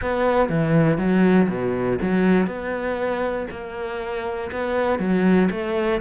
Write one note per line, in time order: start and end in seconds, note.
0.01 0.49 B3
0.49 0.97 E3
0.97 1.47 F#3
1.48 1.98 B2
2.01 2.47 F#3
2.47 3.47 B3
3.50 4.50 A#3
4.51 4.99 B3
4.99 5.49 F#3
5.50 6.00 A3